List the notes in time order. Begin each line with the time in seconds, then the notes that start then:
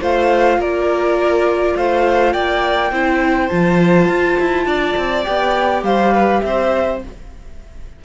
0.00 A3 F4 C5 F5
0.58 A#3 A#4 D5
1.76 A3 C5 F5
2.32 A#3 D5 G5
2.91 C4 E4 C5
3.48 F3 F4 A5
4.08 F4
4.39 E4
4.65 D4 D5
4.97 C4
5.23 B3 G4 G5
5.82 G3 C5 F5
6.13 B4
6.41 C4 C5 E5